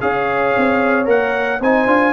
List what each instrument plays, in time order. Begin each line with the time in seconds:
0.00 tuba C#4, trombone G#4, horn C#5, trumpet F5
0.57 tuba C4
1.05 tuba A#3, trombone A#4, trumpet F#5
1.60 tuba C4, trombone D#4, horn C5, trumpet G#5
1.86 tuba D4, trombone F4